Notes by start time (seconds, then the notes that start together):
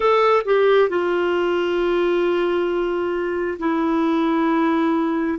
0.00 A4
0.45 G4
0.89 F4
3.59 E4